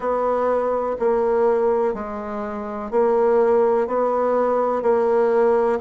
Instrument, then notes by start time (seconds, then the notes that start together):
bassoon
0.00 B3
0.99 A#3
1.94 G#3
2.90 A#3
3.87 B3
4.82 A#3